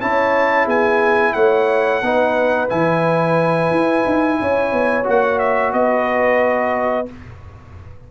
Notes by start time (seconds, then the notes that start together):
0.00 C#4 E4 C#5 A5
0.65 B3 G#4 G#5
1.33 A3 C#5 F#5
2.01 B3 D#4 B4
2.68 E3 E4 G#5
3.70 E4
4.05 D#4
4.40 C#4 C#5
4.72 B3
5.03 A#3 F#4 F#5
5.38 E5
5.73 B3 B4 D#5